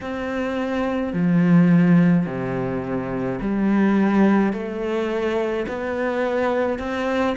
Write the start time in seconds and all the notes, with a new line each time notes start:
0.01 C4
1.13 F3
2.26 C3
3.41 G3
4.52 A3
5.68 B3
6.79 C4